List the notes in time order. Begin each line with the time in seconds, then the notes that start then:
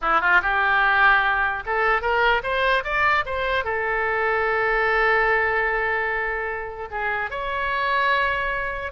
0.01 E4
0.21 F4
0.42 G4
1.65 A4
2.01 A#4
2.43 C5
2.84 D5
3.25 C5
3.64 A4
6.90 G#4
7.30 C#5